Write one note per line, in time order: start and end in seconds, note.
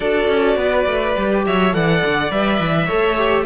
0.00 0.28 D4
0.00 1.14 F#4
0.00 0.57 A4
0.00 1.44 D5
0.28 0.56 C#4
0.56 0.85 B3
0.56 1.45 B4
0.87 1.16 A3
1.14 1.45 G3
1.14 1.71 G4
1.45 1.73 F#3
1.45 1.75 C#5
1.45 1.73 E5
1.71 2.02 E3
1.71 2.29 A4
1.71 2.86 D5
1.71 2.31 F#5
2.05 2.30 D3
2.30 2.59 G3
2.30 2.88 B4
2.30 3.45 E5
2.59 2.88 E3
2.86 3.45 A3
2.86 3.17 A4
2.86 3.43 C#5
3.17 3.45 G4